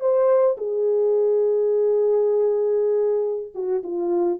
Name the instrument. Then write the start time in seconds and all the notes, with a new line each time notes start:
horn
0.00 C5
0.57 G#4
3.54 F#4
3.83 F4